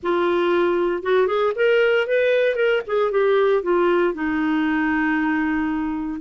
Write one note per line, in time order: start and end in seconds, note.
0.02 1.02 F4
1.02 1.27 F#4
1.27 1.53 G#4
1.55 2.07 A#4
2.07 2.55 B4
2.55 2.81 A#4
2.87 3.11 G#4
3.11 3.62 G4
3.62 4.14 F4
4.14 6.20 D#4